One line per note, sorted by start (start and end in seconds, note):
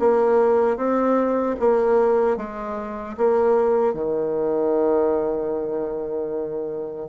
0.00 0.77 A#3
0.77 1.56 C4
1.60 2.37 A#3
2.37 3.16 G#3
3.18 3.94 A#3
3.94 7.09 D#3